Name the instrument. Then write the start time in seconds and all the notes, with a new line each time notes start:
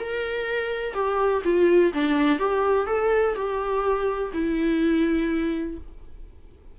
viola
0.00 A#4
0.94 G4
1.45 F4
1.94 D4
2.40 G4
2.87 A4
3.35 G4
4.33 E4